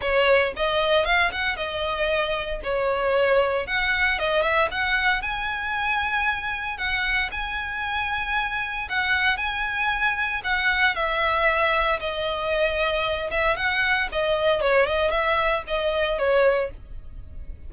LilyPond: \new Staff \with { instrumentName = "violin" } { \time 4/4 \tempo 4 = 115 cis''4 dis''4 f''8 fis''8 dis''4~ | dis''4 cis''2 fis''4 | dis''8 e''8 fis''4 gis''2~ | gis''4 fis''4 gis''2~ |
gis''4 fis''4 gis''2 | fis''4 e''2 dis''4~ | dis''4. e''8 fis''4 dis''4 | cis''8 dis''8 e''4 dis''4 cis''4 | }